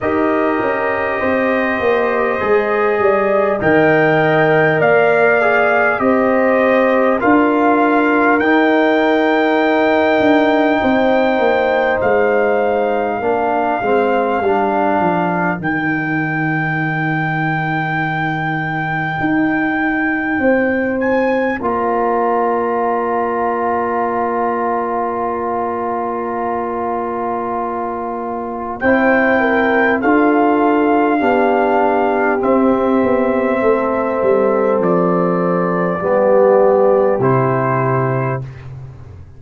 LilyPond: <<
  \new Staff \with { instrumentName = "trumpet" } { \time 4/4 \tempo 4 = 50 dis''2. g''4 | f''4 dis''4 f''4 g''4~ | g''2 f''2~ | f''4 g''2.~ |
g''4. gis''8 ais''2~ | ais''1 | g''4 f''2 e''4~ | e''4 d''2 c''4 | }
  \new Staff \with { instrumentName = "horn" } { \time 4/4 ais'4 c''4. d''8 dis''4 | d''4 c''4 ais'2~ | ais'4 c''2 ais'4~ | ais'1~ |
ais'4 c''4 d''2~ | d''1 | c''8 ais'8 a'4 g'2 | a'2 g'2 | }
  \new Staff \with { instrumentName = "trombone" } { \time 4/4 g'2 gis'4 ais'4~ | ais'8 gis'8 g'4 f'4 dis'4~ | dis'2. d'8 c'8 | d'4 dis'2.~ |
dis'2 f'2~ | f'1 | e'4 f'4 d'4 c'4~ | c'2 b4 e'4 | }
  \new Staff \with { instrumentName = "tuba" } { \time 4/4 dis'8 cis'8 c'8 ais8 gis8 g8 dis4 | ais4 c'4 d'4 dis'4~ | dis'8 d'8 c'8 ais8 gis4 ais8 gis8 | g8 f8 dis2. |
dis'4 c'4 ais2~ | ais1 | c'4 d'4 b4 c'8 b8 | a8 g8 f4 g4 c4 | }
>>